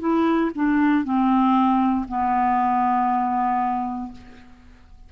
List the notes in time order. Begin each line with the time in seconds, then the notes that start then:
0.00 E4
0.55 D4
1.04 C4
2.08 B3